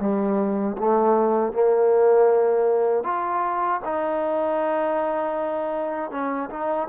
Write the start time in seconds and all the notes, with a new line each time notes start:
0.00 G3
0.78 A3
1.53 A#3
3.04 F4
3.85 D#4
6.11 C#4
6.50 D#4